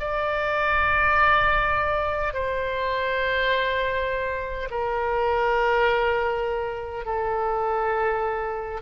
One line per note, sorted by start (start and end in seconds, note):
0.00 2.34 D5
2.34 4.69 C5
4.71 7.05 A#4
7.05 8.82 A4